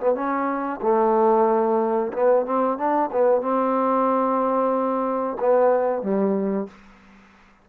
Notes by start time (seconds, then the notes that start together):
0.00 B3
0.15 C#4
0.82 A3
2.14 B3
2.46 C4
2.78 D4
3.12 B3
3.42 C4
5.40 B3
6.03 G3